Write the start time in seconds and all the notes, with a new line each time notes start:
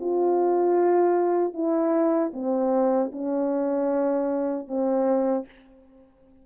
0.00 F4
1.53 E4
2.33 C4
3.11 C#4
4.67 C4